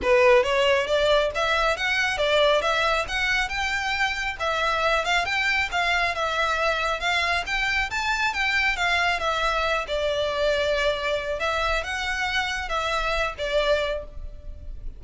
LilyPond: \new Staff \with { instrumentName = "violin" } { \time 4/4 \tempo 4 = 137 b'4 cis''4 d''4 e''4 | fis''4 d''4 e''4 fis''4 | g''2 e''4. f''8 | g''4 f''4 e''2 |
f''4 g''4 a''4 g''4 | f''4 e''4. d''4.~ | d''2 e''4 fis''4~ | fis''4 e''4. d''4. | }